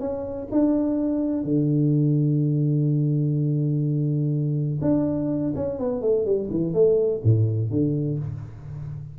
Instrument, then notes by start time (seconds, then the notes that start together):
tuba
0.00 C#4
0.51 D4
1.44 D3
4.82 D4
5.56 C#4
5.79 B3
6.02 A3
6.26 G3
6.51 E3
6.74 A3
7.24 A2
7.71 D3